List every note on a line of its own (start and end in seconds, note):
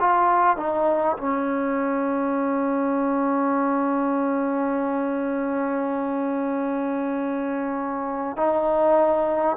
0.00 0.56 F4
0.56 1.16 D#4
1.17 8.36 C#4
8.36 9.56 D#4